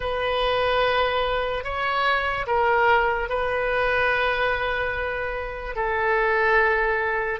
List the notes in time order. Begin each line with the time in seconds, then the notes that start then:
0.00 B4
1.64 C#5
2.47 A#4
3.29 B4
5.75 A4